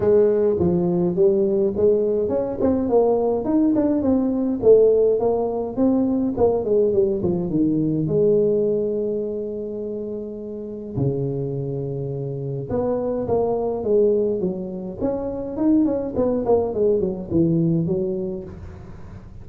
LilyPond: \new Staff \with { instrumentName = "tuba" } { \time 4/4 \tempo 4 = 104 gis4 f4 g4 gis4 | cis'8 c'8 ais4 dis'8 d'8 c'4 | a4 ais4 c'4 ais8 gis8 | g8 f8 dis4 gis2~ |
gis2. cis4~ | cis2 b4 ais4 | gis4 fis4 cis'4 dis'8 cis'8 | b8 ais8 gis8 fis8 e4 fis4 | }